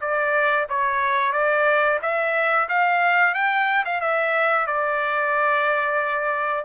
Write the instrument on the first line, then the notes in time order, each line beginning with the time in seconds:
trumpet
0.00 D5
0.69 C#5
1.32 D5
2.02 E5
2.69 F5
3.34 G5
3.85 F5
4.01 E5
4.67 D5